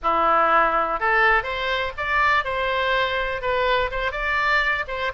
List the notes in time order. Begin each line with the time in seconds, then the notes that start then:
0.02 E4
1.00 A4
1.43 C5
1.97 D5
2.44 C5
3.41 B4
3.91 C5
4.11 D5
4.87 C5